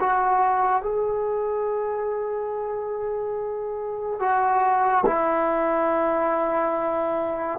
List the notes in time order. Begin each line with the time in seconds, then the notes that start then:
0.00 F#4
0.83 G#4
4.20 F#4
5.06 E4